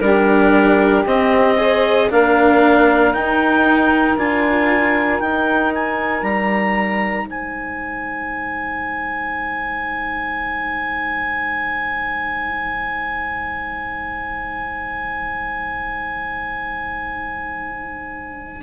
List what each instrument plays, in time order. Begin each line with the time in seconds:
0.00 bassoon G3, cello D4, saxophone G4, clarinet A#4
1.06 bassoon C4, cello C4, clarinet D#5
1.57 cello G#4, saxophone C5
2.10 bassoon A#3, cello D4, saxophone A#4, clarinet F5
3.13 cello D#4, bassoon D#4, clarinet G5
4.17 bassoon D4, cello F4, clarinet G#5
5.18 cello D#4, bassoon D#4, clarinet G5
5.74 clarinet G#5
6.22 bassoon G3, clarinet A#5
7.25 bassoon G#3, saxophone C5, clarinet G#5